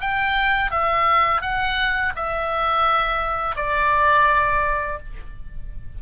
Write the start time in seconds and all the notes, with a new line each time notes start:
0.00 G5
0.70 E5
1.41 F#5
2.16 E5
3.56 D5